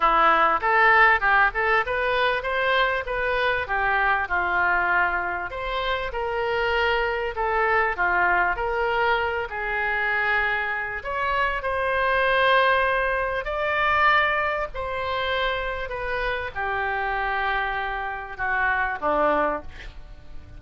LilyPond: \new Staff \with { instrumentName = "oboe" } { \time 4/4 \tempo 4 = 98 e'4 a'4 g'8 a'8 b'4 | c''4 b'4 g'4 f'4~ | f'4 c''4 ais'2 | a'4 f'4 ais'4. gis'8~ |
gis'2 cis''4 c''4~ | c''2 d''2 | c''2 b'4 g'4~ | g'2 fis'4 d'4 | }